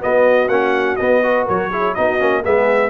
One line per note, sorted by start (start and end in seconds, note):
0.00 0.48 B3
0.00 1.23 F#4
0.00 0.48 D#5
0.48 0.96 A#3
0.48 0.99 C#4
0.48 0.96 F#5
0.96 1.48 B3
0.96 1.23 B3
0.96 1.44 D#5
1.23 1.71 F#4
1.23 1.45 B4
1.45 1.97 F#3
1.45 1.69 A#4
1.45 1.94 C#5
1.70 1.96 E4
1.70 1.94 G#4
1.94 2.21 B3
1.94 2.19 D#4
1.94 2.43 F#4
1.94 2.43 D#5
2.19 2.45 A#3
2.19 2.43 C#4
2.43 2.90 G#3
2.43 2.90 B3
2.43 2.90 G#4
2.43 2.90 E5